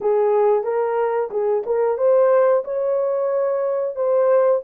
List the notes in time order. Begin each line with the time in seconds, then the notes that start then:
0.01 G#4
0.63 A#4
1.30 G#4
1.66 A#4
1.97 C5
2.64 C#5
3.95 C5